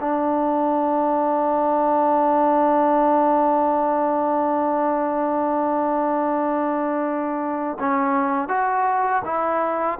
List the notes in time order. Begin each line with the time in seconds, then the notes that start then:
0.00 D4
7.79 C#4
8.48 F#4
9.25 E4